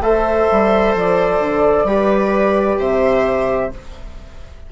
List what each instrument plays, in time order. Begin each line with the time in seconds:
0.00 bassoon A3, trombone A4, viola C5, flute E5
0.51 bassoon G3
0.95 bassoon F3, flute D5
1.39 bassoon D3
1.84 bassoon G3, trombone G4, viola B4
2.78 bassoon C3, viola C5, flute E5